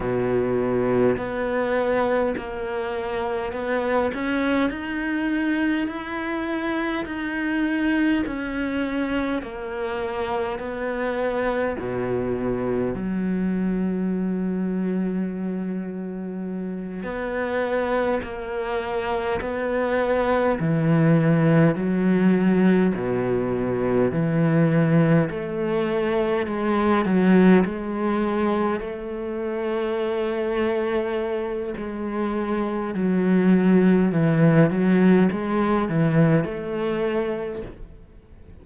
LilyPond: \new Staff \with { instrumentName = "cello" } { \time 4/4 \tempo 4 = 51 b,4 b4 ais4 b8 cis'8 | dis'4 e'4 dis'4 cis'4 | ais4 b4 b,4 fis4~ | fis2~ fis8 b4 ais8~ |
ais8 b4 e4 fis4 b,8~ | b,8 e4 a4 gis8 fis8 gis8~ | gis8 a2~ a8 gis4 | fis4 e8 fis8 gis8 e8 a4 | }